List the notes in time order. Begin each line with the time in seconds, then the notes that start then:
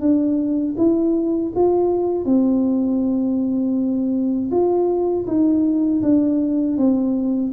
0.00 D4
0.77 E4
1.55 F4
2.25 C4
4.50 F4
5.27 D#4
6.02 D4
6.77 C4